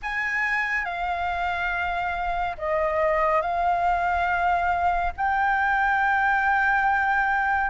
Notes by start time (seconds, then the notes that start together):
0.02 G#5
0.85 F5
2.57 D#5
3.41 F5
5.16 G5